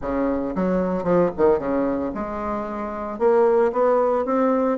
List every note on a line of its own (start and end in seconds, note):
0.01 0.54 C#3
0.55 1.03 F#3
1.03 1.30 F3
1.37 1.58 D#3
1.58 2.11 C#3
2.14 3.18 G#3
3.18 3.71 A#3
3.72 4.25 B3
4.25 4.78 C4